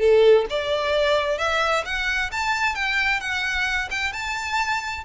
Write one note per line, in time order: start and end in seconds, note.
0.00 0.46 A4
0.50 1.38 D5
1.38 1.84 E5
1.85 2.31 F#5
2.32 2.75 A5
2.75 3.20 G5
3.20 3.89 F#5
3.91 4.13 G5
4.13 5.04 A5